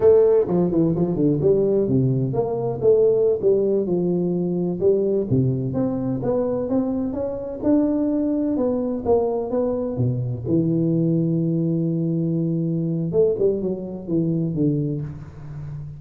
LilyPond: \new Staff \with { instrumentName = "tuba" } { \time 4/4 \tempo 4 = 128 a4 f8 e8 f8 d8 g4 | c4 ais4 a4~ a16 g8.~ | g16 f2 g4 c8.~ | c16 c'4 b4 c'4 cis'8.~ |
cis'16 d'2 b4 ais8.~ | ais16 b4 b,4 e4.~ e16~ | e1 | a8 g8 fis4 e4 d4 | }